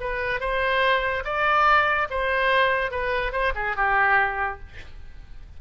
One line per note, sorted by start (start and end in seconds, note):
0.00 0.40 B4
0.40 1.23 C5
1.24 2.08 D5
2.10 2.91 C5
2.91 3.32 B4
3.32 3.53 C5
3.55 3.76 G#4
3.76 4.60 G4